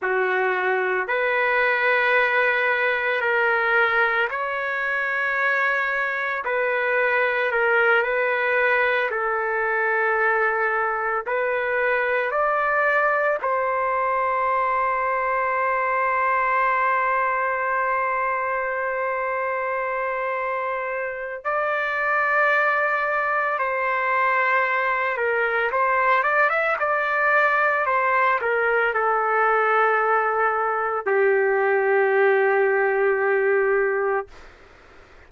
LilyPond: \new Staff \with { instrumentName = "trumpet" } { \time 4/4 \tempo 4 = 56 fis'4 b'2 ais'4 | cis''2 b'4 ais'8 b'8~ | b'8 a'2 b'4 d''8~ | d''8 c''2.~ c''8~ |
c''1 | d''2 c''4. ais'8 | c''8 d''16 e''16 d''4 c''8 ais'8 a'4~ | a'4 g'2. | }